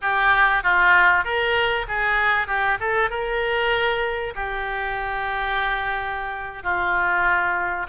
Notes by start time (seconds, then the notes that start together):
0.01 G4
0.63 F4
1.24 A#4
1.88 G#4
2.47 G4
2.80 A4
3.09 A#4
4.35 G4
6.63 F4